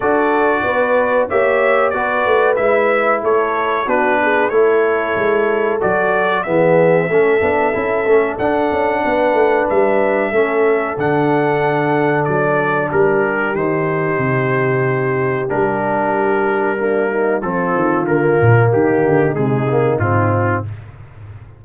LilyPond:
<<
  \new Staff \with { instrumentName = "trumpet" } { \time 4/4 \tempo 4 = 93 d''2 e''4 d''4 | e''4 cis''4 b'4 cis''4~ | cis''4 d''4 e''2~ | e''4 fis''2 e''4~ |
e''4 fis''2 d''4 | ais'4 c''2. | ais'2. a'4 | ais'4 g'4 gis'4 f'4 | }
  \new Staff \with { instrumentName = "horn" } { \time 4/4 a'4 b'4 cis''4 b'4~ | b'4 a'4 fis'8 gis'8 a'4~ | a'2 gis'4 a'4~ | a'2 b'2 |
a'1 | g'1~ | g'2 d'8 dis'8 f'4~ | f'4 dis'2. | }
  \new Staff \with { instrumentName = "trombone" } { \time 4/4 fis'2 g'4 fis'4 | e'2 d'4 e'4~ | e'4 fis'4 b4 cis'8 d'8 | e'8 cis'8 d'2. |
cis'4 d'2.~ | d'4 dis'2. | d'2 ais4 c'4 | ais2 gis8 ais8 c'4 | }
  \new Staff \with { instrumentName = "tuba" } { \time 4/4 d'4 b4 ais4 b8 a8 | gis4 a4 b4 a4 | gis4 fis4 e4 a8 b8 | cis'8 a8 d'8 cis'8 b8 a8 g4 |
a4 d2 fis4 | g4 dis4 c2 | g2. f8 dis8 | d8 ais,8 dis8 d8 c4 gis,4 | }
>>